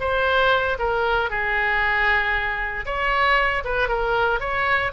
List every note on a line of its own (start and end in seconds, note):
0.00 0.78 C5
0.79 1.30 A#4
1.30 2.85 G#4
2.86 3.63 C#5
3.64 3.89 B4
3.89 4.40 A#4
4.40 4.92 C#5